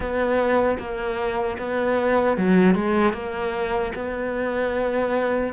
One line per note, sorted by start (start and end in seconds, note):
0.00 0.78 B3
0.78 1.57 A#3
1.58 2.37 B3
2.37 2.75 F#3
2.75 3.13 G#3
3.13 3.92 A#3
3.95 5.53 B3